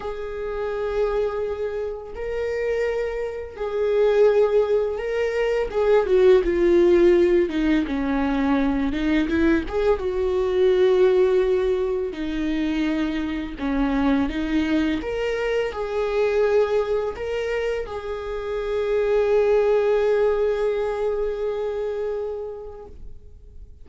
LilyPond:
\new Staff \with { instrumentName = "viola" } { \time 4/4 \tempo 4 = 84 gis'2. ais'4~ | ais'4 gis'2 ais'4 | gis'8 fis'8 f'4. dis'8 cis'4~ | cis'8 dis'8 e'8 gis'8 fis'2~ |
fis'4 dis'2 cis'4 | dis'4 ais'4 gis'2 | ais'4 gis'2.~ | gis'1 | }